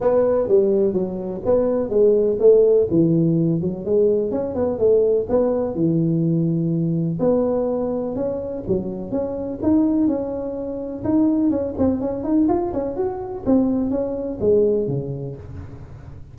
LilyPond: \new Staff \with { instrumentName = "tuba" } { \time 4/4 \tempo 4 = 125 b4 g4 fis4 b4 | gis4 a4 e4. fis8 | gis4 cis'8 b8 a4 b4 | e2. b4~ |
b4 cis'4 fis4 cis'4 | dis'4 cis'2 dis'4 | cis'8 c'8 cis'8 dis'8 f'8 cis'8 fis'4 | c'4 cis'4 gis4 cis4 | }